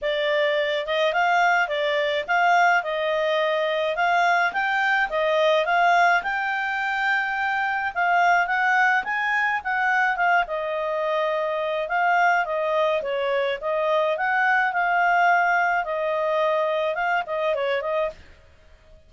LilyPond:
\new Staff \with { instrumentName = "clarinet" } { \time 4/4 \tempo 4 = 106 d''4. dis''8 f''4 d''4 | f''4 dis''2 f''4 | g''4 dis''4 f''4 g''4~ | g''2 f''4 fis''4 |
gis''4 fis''4 f''8 dis''4.~ | dis''4 f''4 dis''4 cis''4 | dis''4 fis''4 f''2 | dis''2 f''8 dis''8 cis''8 dis''8 | }